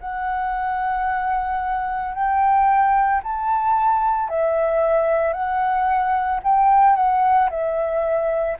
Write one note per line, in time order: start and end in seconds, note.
0.00 2.14 F#5
2.14 3.21 G5
3.23 4.29 A5
4.29 5.33 E5
5.33 6.40 F#5
6.43 6.96 G5
6.96 7.50 F#5
7.50 8.57 E5